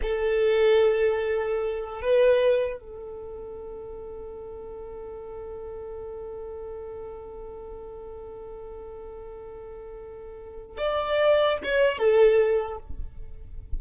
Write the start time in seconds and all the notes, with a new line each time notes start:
0.02 A4
2.01 B4
2.79 A4
10.77 D5
11.63 C#5
11.98 A4